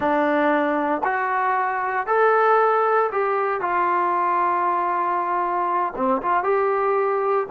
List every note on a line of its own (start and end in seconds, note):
0.00 1.02 D4
1.04 2.06 F#4
2.06 3.10 A4
3.12 3.61 G4
3.61 5.93 F4
5.96 6.21 C4
6.22 6.43 F4
6.43 7.46 G4